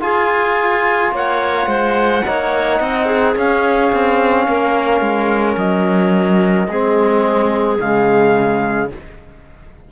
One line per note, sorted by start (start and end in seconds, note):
0.00 2.22 F4
0.00 1.11 F4
0.00 1.13 G#4
0.00 1.12 G#5
1.11 1.66 A#3
1.11 1.68 C#5
1.11 3.37 F#5
1.66 2.22 G#3
1.66 2.24 C5
2.25 2.80 A#3
2.25 3.35 D#4
2.25 2.79 C#5
2.79 3.35 C4
2.79 3.06 D#5
3.06 4.44 G#4
3.35 6.68 C#4
3.35 3.91 C#4
3.35 5.58 F5
3.92 4.47 C4
4.47 5.00 A#3
4.47 6.69 A#4
5.00 5.56 G#3
5.57 6.67 F#3
5.57 7.79 D#5
6.67 7.78 G#3
6.67 7.78 C4
6.67 8.91 G#4
7.78 8.91 C#3
7.78 8.90 G#3
7.78 8.91 F5